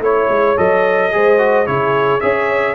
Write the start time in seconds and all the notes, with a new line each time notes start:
0.00 A3 E4 C#5
0.29 G#3
0.57 F#3 A4 D#5
1.12 G#3 G#4 C5
1.38 F#4
1.66 C#3 E4 G#4 C#5
2.20 C#4 G#4 C#5 E5